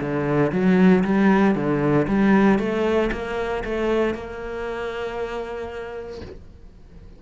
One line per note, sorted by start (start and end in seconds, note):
0.00 0.52 D3
0.52 1.04 F#3
1.04 1.55 G3
1.55 2.07 D3
2.08 2.59 G3
2.59 3.11 A3
3.12 3.64 A#3
3.64 4.14 A3
4.14 6.21 A#3